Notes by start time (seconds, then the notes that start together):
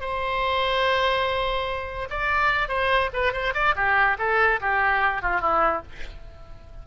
0.00 C5
2.09 D5
2.68 C5
3.13 B4
3.32 C5
3.54 D5
3.75 G4
4.18 A4
4.60 G4
5.22 F4
5.40 E4